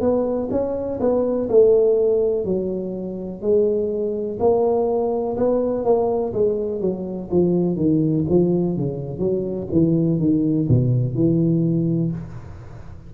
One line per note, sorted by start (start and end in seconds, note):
0.00 0.48 B3
0.50 0.99 C#4
1.00 1.48 B3
1.49 2.45 A3
2.45 3.41 F#3
3.41 4.38 G#3
4.39 5.36 A#3
5.36 5.84 B3
5.84 6.33 A#3
6.33 6.80 G#3
6.80 7.29 F#3
7.31 7.76 F3
7.76 8.24 D#3
8.29 8.76 F3
8.76 9.18 C#3
9.18 9.67 F#3
9.71 10.19 E3
10.19 10.67 D#3
10.68 11.15 B2
11.15 12.11 E3